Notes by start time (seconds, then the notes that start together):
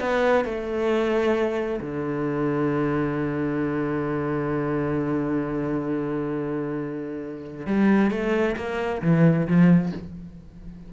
0.00 B3
0.45 A3
1.81 D3
7.66 G3
8.11 A3
8.56 A#3
9.02 E3
9.48 F3